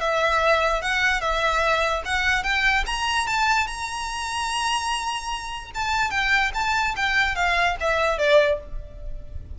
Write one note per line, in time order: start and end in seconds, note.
0.00 0.82 E5
0.82 1.21 F#5
1.21 2.02 E5
2.05 2.43 F#5
2.43 2.84 G5
2.86 3.27 A#5
3.27 3.67 A5
3.67 5.71 A#5
5.75 6.10 A5
6.10 6.51 G5
6.54 6.95 A5
6.96 7.35 G5
7.35 7.76 F5
7.80 8.18 E5
8.18 8.59 D5